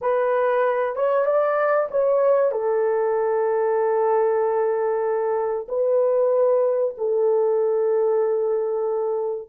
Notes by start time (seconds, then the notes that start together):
0.01 B4
0.95 C#5
1.25 D5
1.90 C#5
2.51 A4
5.68 B4
6.97 A4